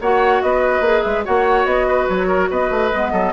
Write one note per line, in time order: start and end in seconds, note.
0.00 0.42 A#3
0.00 0.83 F#4
0.00 0.42 C#5
0.00 0.42 F#5
0.42 0.80 B3
0.42 1.24 B4
0.42 1.02 D#5
0.80 1.01 A#3
0.80 1.24 G#4
1.02 1.26 G#3
1.02 1.22 E5
1.24 1.65 A#3
1.24 2.91 F#4
1.24 1.87 C#5
1.24 1.65 F#5
1.65 2.06 B3
1.65 2.07 D#5
1.87 2.27 B4
2.09 2.50 F#3
2.09 2.50 C#5
2.27 2.48 A#4
2.50 2.70 B3
2.50 3.12 B4
2.50 3.33 D#5
2.70 2.91 A3
2.93 3.12 G#3
2.93 3.33 B3
3.12 3.33 F#3
3.12 3.33 A4